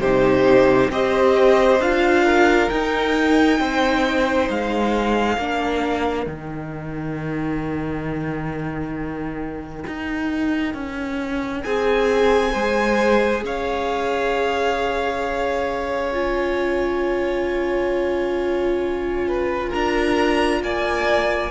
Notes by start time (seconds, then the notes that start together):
0.00 C3 D#4 G4 C5
0.90 C4 G4 C5 D#5
1.79 D4 F4 F5
2.25 A#4
2.69 D#4 G5
3.60 C4 C5
4.49 G#3 F5
5.37 A#3 D4 A#4
6.26 D#3 D#4 G5
9.87 D#4
10.74 C#4
11.63 C4 G#4 G#5
12.52 G#3 G#4 C5
13.43 C#4 C#5 F5
16.12 F4 G#5
19.28 B4
19.69 D4 A#4 A#5
20.62 A#3 D5 G#5